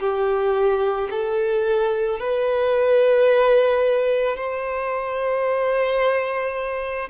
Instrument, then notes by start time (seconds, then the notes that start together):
violin
0.00 G4
1.11 A4
2.20 B4
4.37 C5